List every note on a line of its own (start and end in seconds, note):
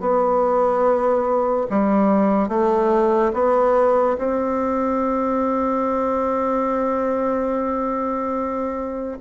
0.00 1.67 B3
1.70 2.48 G3
2.48 3.32 A3
3.33 4.17 B3
4.18 9.18 C4